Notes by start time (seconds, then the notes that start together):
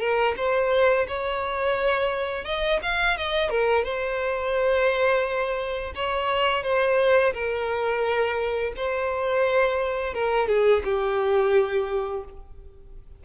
0.00 A#4
0.37 C5
1.08 C#5
2.45 D#5
2.83 F5
3.18 D#5
3.50 A#4
3.84 C5
5.96 C#5
6.64 C5
7.34 A#4
8.77 C5
10.14 A#4
10.49 G#4
10.85 G4